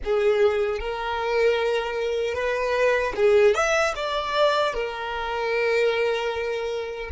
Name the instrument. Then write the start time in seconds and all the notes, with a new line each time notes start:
violin
0.04 G#4
0.79 A#4
2.34 B4
3.15 G#4
3.54 E5
3.95 D5
4.73 A#4